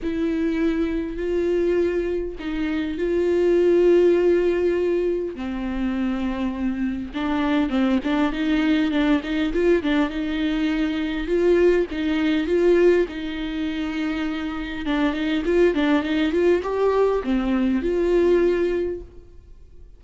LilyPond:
\new Staff \with { instrumentName = "viola" } { \time 4/4 \tempo 4 = 101 e'2 f'2 | dis'4 f'2.~ | f'4 c'2. | d'4 c'8 d'8 dis'4 d'8 dis'8 |
f'8 d'8 dis'2 f'4 | dis'4 f'4 dis'2~ | dis'4 d'8 dis'8 f'8 d'8 dis'8 f'8 | g'4 c'4 f'2 | }